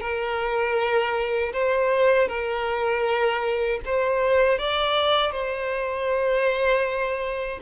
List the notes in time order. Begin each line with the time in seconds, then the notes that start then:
0.00 A#4
1.52 C5
2.28 A#4
3.85 C5
4.58 D5
5.31 C5